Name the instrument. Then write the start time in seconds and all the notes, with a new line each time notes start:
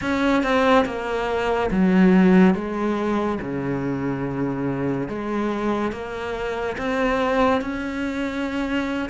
cello
0.01 C#4
0.43 C4
0.85 A#3
1.71 F#3
2.54 G#3
3.41 C#3
5.08 G#3
5.92 A#3
6.77 C4
7.61 C#4